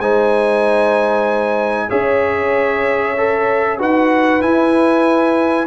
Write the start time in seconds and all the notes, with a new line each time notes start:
0.00 G#3 D#4 C5 G#5
1.89 C#4 G#4 C#5 E5
3.18 A4
3.79 D#4 F#4 B4 F#5
4.42 E4 G#5